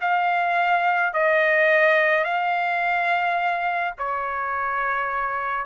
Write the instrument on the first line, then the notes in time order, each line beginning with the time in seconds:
trumpet
0.00 F5
1.13 D#5
2.24 F5
3.98 C#5